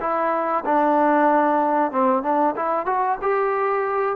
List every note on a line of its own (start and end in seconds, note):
0.00 0.64 E4
0.65 1.91 D4
1.91 2.23 C4
2.23 2.55 D4
2.56 2.86 E4
2.86 3.18 F#4
3.22 4.16 G4